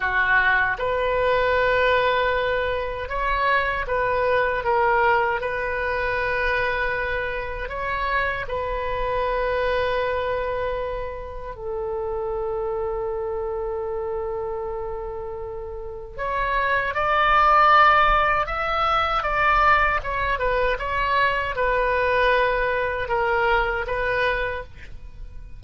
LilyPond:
\new Staff \with { instrumentName = "oboe" } { \time 4/4 \tempo 4 = 78 fis'4 b'2. | cis''4 b'4 ais'4 b'4~ | b'2 cis''4 b'4~ | b'2. a'4~ |
a'1~ | a'4 cis''4 d''2 | e''4 d''4 cis''8 b'8 cis''4 | b'2 ais'4 b'4 | }